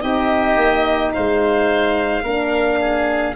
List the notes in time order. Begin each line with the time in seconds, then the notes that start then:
0.00 C4 D#4 G4 D#5
0.56 A#3
1.13 G#3 C5 F5
2.23 A#3 D4 A#4
2.81 G#4